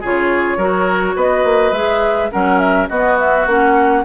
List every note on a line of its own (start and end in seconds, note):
0.00 0.57 C#3
0.00 0.58 F4
0.00 0.57 G#4
0.00 1.17 C#5
0.57 1.14 F#3
0.57 1.74 F#4
0.57 1.15 A#4
1.15 1.43 B3
1.15 2.31 B4
1.15 1.73 D#5
1.43 1.72 A#3
1.72 2.29 G#3
1.72 2.31 G#4
1.72 2.30 E5
2.31 2.90 F#3
2.31 2.89 C#4
2.31 2.89 A#4
2.31 2.58 F#5
2.58 2.87 E5
2.88 3.46 B3
2.88 3.48 B3
2.88 4.04 F#4
2.88 3.17 D#5
3.18 3.47 E5
3.46 4.04 A#3
3.46 4.04 C#4
3.46 4.04 F#5